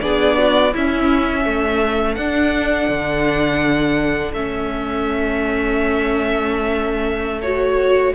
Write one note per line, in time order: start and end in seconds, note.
0.00 0.74 B3
0.00 0.72 D4
0.00 0.38 G#4
0.00 0.73 D5
0.38 0.73 F#4
0.73 1.45 C#4
0.73 2.18 C#4
0.73 1.44 E4
0.73 2.15 E5
1.44 2.16 A3
1.44 8.13 A4
2.15 2.88 D4
2.15 4.35 D4
2.15 4.32 F#5
2.88 4.33 D3
4.33 8.12 A3
4.33 7.42 C#4
4.33 7.41 E5
7.41 8.14 F#4
7.41 8.14 C#5